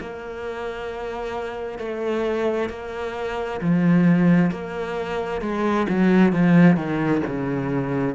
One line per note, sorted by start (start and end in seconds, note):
0.00 1.78 A#3
1.78 2.69 A3
2.69 3.60 A#3
3.61 4.51 F3
4.51 5.41 A#3
5.41 5.86 G#3
5.89 6.33 F#3
6.33 6.76 F3
6.76 7.22 D#3
7.26 8.15 C#3